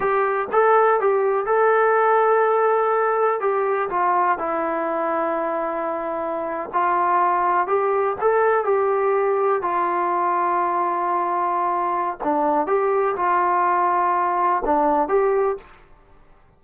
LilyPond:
\new Staff \with { instrumentName = "trombone" } { \time 4/4 \tempo 4 = 123 g'4 a'4 g'4 a'4~ | a'2. g'4 | f'4 e'2.~ | e'4.~ e'16 f'2 g'16~ |
g'8. a'4 g'2 f'16~ | f'1~ | f'4 d'4 g'4 f'4~ | f'2 d'4 g'4 | }